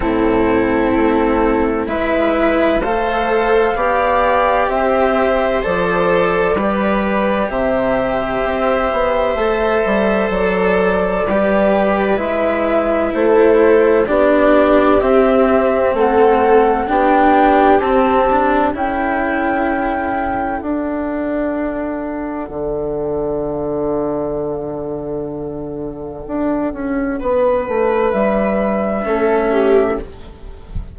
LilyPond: <<
  \new Staff \with { instrumentName = "flute" } { \time 4/4 \tempo 4 = 64 a'2 e''4 f''4~ | f''4 e''4 d''2 | e''2. d''4~ | d''4 e''4 c''4 d''4 |
e''4 fis''4 g''4 a''4 | g''2 fis''2~ | fis''1~ | fis''2 e''2 | }
  \new Staff \with { instrumentName = "viola" } { \time 4/4 e'2 b'4 c''4 | d''4 c''2 b'4 | c''1 | b'2 a'4 g'4~ |
g'4 a'4 g'2 | a'1~ | a'1~ | a'4 b'2 a'8 g'8 | }
  \new Staff \with { instrumentName = "cello" } { \time 4/4 c'2 e'4 a'4 | g'2 a'4 g'4~ | g'2 a'2 | g'4 e'2 d'4 |
c'2 d'4 c'8 d'8 | e'2 d'2~ | d'1~ | d'2. cis'4 | }
  \new Staff \with { instrumentName = "bassoon" } { \time 4/4 a,4 a4 gis4 a4 | b4 c'4 f4 g4 | c4 c'8 b8 a8 g8 fis4 | g4 gis4 a4 b4 |
c'4 a4 b4 c'4 | cis'2 d'2 | d1 | d'8 cis'8 b8 a8 g4 a4 | }
>>